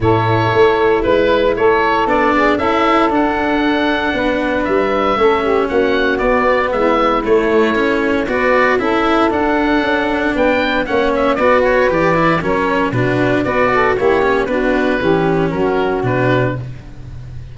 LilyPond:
<<
  \new Staff \with { instrumentName = "oboe" } { \time 4/4 \tempo 4 = 116 cis''2 b'4 cis''4 | d''4 e''4 fis''2~ | fis''4 e''2 fis''4 | d''4 e''4 cis''2 |
d''4 e''4 fis''2 | g''4 fis''8 e''8 d''8 cis''8 d''4 | cis''4 b'4 d''4 cis''4 | b'2 ais'4 b'4 | }
  \new Staff \with { instrumentName = "saxophone" } { \time 4/4 a'2 b'4 a'4~ | a'8 gis'8 a'2. | b'2 a'8 g'8 fis'4~ | fis'4 e'2. |
b'4 a'2. | b'4 cis''4 b'2 | ais'4 fis'4 b'8 a'8 g'4 | fis'4 g'4 fis'2 | }
  \new Staff \with { instrumentName = "cello" } { \time 4/4 e'1 | d'4 e'4 d'2~ | d'2 cis'2 | b2 a4 cis'4 |
fis'4 e'4 d'2~ | d'4 cis'4 fis'4 g'8 e'8 | cis'4 d'4 fis'4 e'8 cis'8 | d'4 cis'2 d'4 | }
  \new Staff \with { instrumentName = "tuba" } { \time 4/4 a,4 a4 gis4 a4 | b4 cis'4 d'2 | b4 g4 a4 ais4 | b4 gis4 a2 |
b4 cis'4 d'4 cis'4 | b4 ais4 b4 e4 | fis4 b,4 b4 ais4 | b4 e4 fis4 b,4 | }
>>